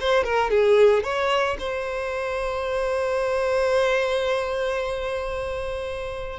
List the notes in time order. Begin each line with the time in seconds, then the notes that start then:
0.00 C5
0.24 A#4
0.50 G#4
1.03 C#5
1.59 C5